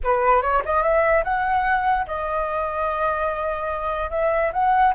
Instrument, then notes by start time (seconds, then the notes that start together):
flute
0.03 B4
0.41 C#5
0.65 D#5
0.82 E5
1.24 F#5
2.06 D#5
4.10 E5
4.52 F#5